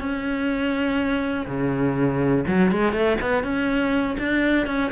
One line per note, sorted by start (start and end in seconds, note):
0.00 1.46 C#4
1.47 2.45 C#3
2.47 2.71 F#3
2.71 2.93 G#3
2.93 3.17 A3
3.21 3.44 B3
3.44 4.17 C#4
4.19 4.67 D4
4.67 4.91 C#4